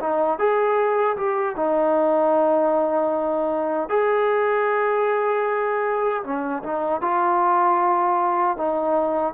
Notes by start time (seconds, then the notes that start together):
0.00 D#4
0.39 G#4
1.17 G4
1.56 D#4
3.90 G#4
6.24 C#4
6.63 D#4
7.01 F4
8.57 D#4